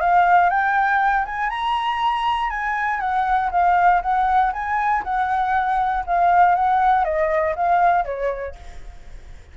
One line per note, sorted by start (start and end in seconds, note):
0.00 0.49 F5
0.49 1.25 G5
1.25 1.49 G#5
1.49 2.50 A#5
2.50 3.00 G#5
3.00 3.50 F#5
3.51 4.01 F5
4.02 4.52 F#5
4.52 5.03 G#5
5.03 6.04 F#5
6.06 6.55 F5
6.55 7.04 F#5
7.04 7.54 D#5
7.55 8.04 F5
8.04 8.55 C#5